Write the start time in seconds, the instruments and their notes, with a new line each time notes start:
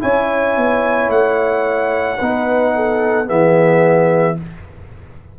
0.00 tuba C#4, trombone E4, horn C#5, trumpet G#5
0.57 tuba B3
1.09 tuba A3, trumpet F#5
2.18 tuba B3, trombone D#4, horn B4
2.75 horn A4
3.26 tuba E3, trombone B3, horn G#4, trumpet E5